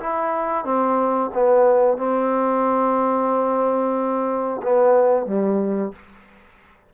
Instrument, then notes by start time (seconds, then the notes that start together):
trombone
0.00 E4
0.65 C4
1.34 B3
1.98 C4
4.63 B3
5.27 G3